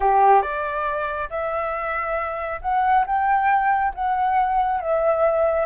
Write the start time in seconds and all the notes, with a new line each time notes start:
0.00 G4
0.42 D5
1.29 E5
2.61 F#5
3.06 G5
3.94 F#5
4.80 E5